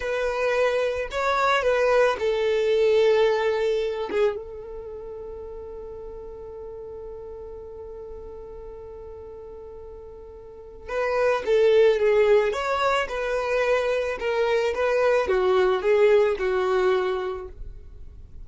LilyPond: \new Staff \with { instrumentName = "violin" } { \time 4/4 \tempo 4 = 110 b'2 cis''4 b'4 | a'2.~ a'8 gis'8 | a'1~ | a'1~ |
a'1 | b'4 a'4 gis'4 cis''4 | b'2 ais'4 b'4 | fis'4 gis'4 fis'2 | }